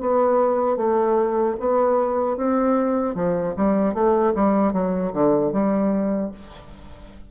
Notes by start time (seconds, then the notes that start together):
0.00 B3
0.77 A3
1.59 B3
2.36 C4
3.15 F3
3.56 G3
3.94 A3
4.35 G3
4.73 F#3
5.13 D3
5.52 G3